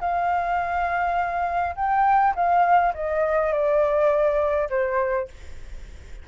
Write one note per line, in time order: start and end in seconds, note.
0.00 1.75 F5
1.75 2.34 G5
2.35 2.93 F5
2.94 3.52 D#5
3.52 4.68 D5
4.69 5.27 C5